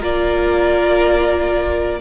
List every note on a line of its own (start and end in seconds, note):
0.00 2.01 A#3
0.00 2.00 F4
0.00 2.00 A#4
0.00 2.01 D5